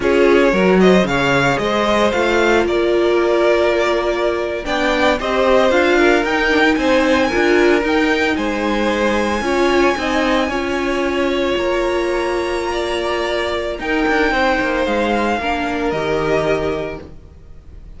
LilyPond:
<<
  \new Staff \with { instrumentName = "violin" } { \time 4/4 \tempo 4 = 113 cis''4. dis''8 f''4 dis''4 | f''4 d''2.~ | d''8. g''4 dis''4 f''4 g''16~ | g''8. gis''2 g''4 gis''16~ |
gis''1~ | gis''4.~ gis''16 ais''2~ ais''16~ | ais''2 g''2 | f''2 dis''2 | }
  \new Staff \with { instrumentName = "violin" } { \time 4/4 gis'4 ais'8 c''8 cis''4 c''4~ | c''4 ais'2.~ | ais'8. d''4 c''4. ais'8.~ | ais'8. c''4 ais'2 c''16~ |
c''4.~ c''16 cis''4 dis''4 cis''16~ | cis''1 | d''2 ais'4 c''4~ | c''4 ais'2. | }
  \new Staff \with { instrumentName = "viola" } { \time 4/4 f'4 fis'4 gis'2 | f'1~ | f'8. d'4 g'4 f'4 dis'16~ | dis'16 d'16 dis'4~ dis'16 f'4 dis'4~ dis'16~ |
dis'4.~ dis'16 f'4 dis'4 f'16~ | f'1~ | f'2 dis'2~ | dis'4 d'4 g'2 | }
  \new Staff \with { instrumentName = "cello" } { \time 4/4 cis'4 fis4 cis4 gis4 | a4 ais2.~ | ais8. b4 c'4 d'4 dis'16~ | dis'8. c'4 d'4 dis'4 gis16~ |
gis4.~ gis16 cis'4 c'4 cis'16~ | cis'4.~ cis'16 ais2~ ais16~ | ais2 dis'8 d'8 c'8 ais8 | gis4 ais4 dis2 | }
>>